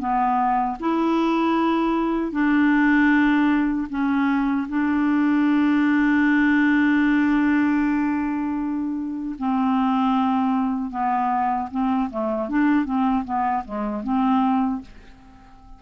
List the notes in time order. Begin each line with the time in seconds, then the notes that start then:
0.00 B3
0.80 E4
2.32 D4
3.90 C#4
4.69 D4
9.39 C4
10.91 B3
11.71 C4
12.11 A3
12.49 D4
12.85 C4
13.25 B3
13.65 G#3
14.04 C4